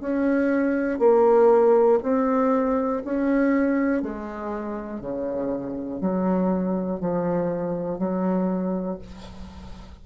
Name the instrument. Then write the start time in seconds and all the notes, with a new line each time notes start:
bassoon
0.00 C#4
0.99 A#3
2.02 C4
3.05 C#4
4.02 G#3
5.00 C#3
6.00 F#3
7.00 F3
7.99 F#3